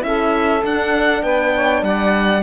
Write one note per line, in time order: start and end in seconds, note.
0.00 0.63 C#4
0.00 0.61 E4
0.00 0.64 E5
0.06 1.22 A4
0.62 2.43 D4
0.62 1.23 D4
0.62 1.23 F#5
1.22 1.82 B3
1.22 1.53 B4
1.22 1.83 G5
1.55 1.85 C#5
1.82 2.42 G3
1.82 2.43 D5
1.82 2.43 F#5